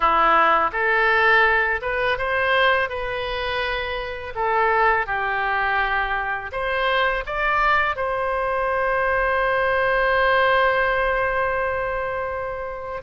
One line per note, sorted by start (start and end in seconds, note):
0.00 0.70 E4
0.72 1.81 A4
1.81 2.18 B4
2.18 2.89 C5
2.89 4.33 B4
4.35 5.06 A4
5.06 6.51 G4
6.52 7.24 C5
7.26 7.96 D5
7.96 13.02 C5